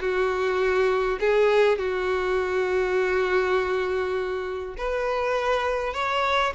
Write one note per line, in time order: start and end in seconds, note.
0.00 1.19 F#4
1.20 1.78 G#4
1.78 4.75 F#4
4.77 5.94 B4
5.94 6.53 C#5